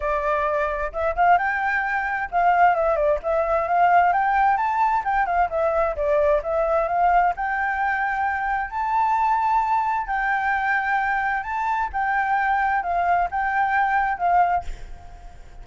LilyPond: \new Staff \with { instrumentName = "flute" } { \time 4/4 \tempo 4 = 131 d''2 e''8 f''8 g''4~ | g''4 f''4 e''8 d''8 e''4 | f''4 g''4 a''4 g''8 f''8 | e''4 d''4 e''4 f''4 |
g''2. a''4~ | a''2 g''2~ | g''4 a''4 g''2 | f''4 g''2 f''4 | }